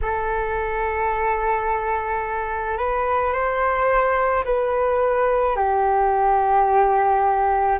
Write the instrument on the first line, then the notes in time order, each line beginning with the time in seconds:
flute
0.01 A4
2.77 B4
3.32 C5
4.44 B4
5.56 G4